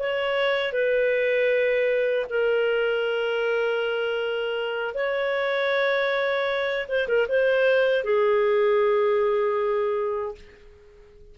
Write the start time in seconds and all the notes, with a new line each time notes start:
0.00 C#5
0.73 B4
2.30 A#4
4.95 C#5
6.89 C5
7.08 A#4
7.29 C5
8.04 G#4